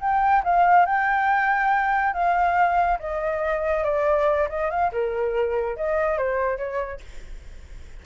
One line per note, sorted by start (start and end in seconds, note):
0.00 0.43 G5
0.44 0.86 F5
0.86 2.14 G5
2.14 2.99 F5
3.00 3.84 D#5
3.84 4.48 D5
4.49 4.70 D#5
4.70 4.91 F5
4.92 5.76 A#4
5.76 6.18 D#5
6.18 6.57 C5
6.57 7.00 C#5